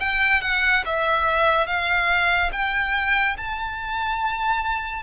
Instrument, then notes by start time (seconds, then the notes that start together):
violin
0.00 G5
0.41 F#5
0.85 E5
1.67 F5
2.52 G5
3.37 A5